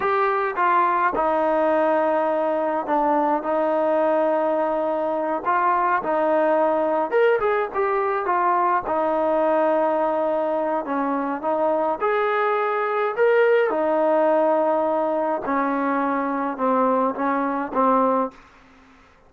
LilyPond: \new Staff \with { instrumentName = "trombone" } { \time 4/4 \tempo 4 = 105 g'4 f'4 dis'2~ | dis'4 d'4 dis'2~ | dis'4. f'4 dis'4.~ | dis'8 ais'8 gis'8 g'4 f'4 dis'8~ |
dis'2. cis'4 | dis'4 gis'2 ais'4 | dis'2. cis'4~ | cis'4 c'4 cis'4 c'4 | }